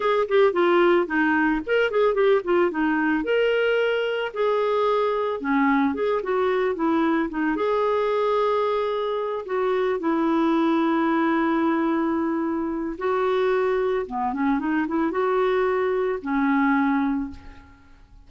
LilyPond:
\new Staff \with { instrumentName = "clarinet" } { \time 4/4 \tempo 4 = 111 gis'8 g'8 f'4 dis'4 ais'8 gis'8 | g'8 f'8 dis'4 ais'2 | gis'2 cis'4 gis'8 fis'8~ | fis'8 e'4 dis'8 gis'2~ |
gis'4. fis'4 e'4.~ | e'1 | fis'2 b8 cis'8 dis'8 e'8 | fis'2 cis'2 | }